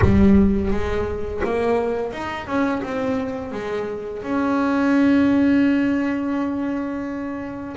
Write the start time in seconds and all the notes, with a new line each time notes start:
0.01 G3
0.71 G#3
1.43 A#3
2.12 D#4
2.46 C#4
2.82 C4
3.52 G#3
4.22 C#4